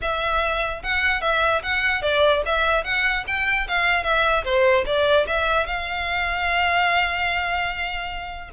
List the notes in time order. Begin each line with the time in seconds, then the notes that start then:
0.01 E5
0.82 F#5
1.21 E5
1.63 F#5
2.02 D5
2.45 E5
2.84 F#5
3.27 G5
3.67 F5
4.03 E5
4.44 C5
4.86 D5
5.26 E5
5.66 F5